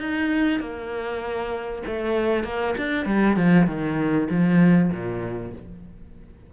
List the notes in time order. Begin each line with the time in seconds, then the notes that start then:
0.00 D#4
0.60 A#3
1.87 A3
2.44 A#3
2.78 D4
3.06 G3
3.37 F3
3.67 D#3
4.30 F3
4.92 A#2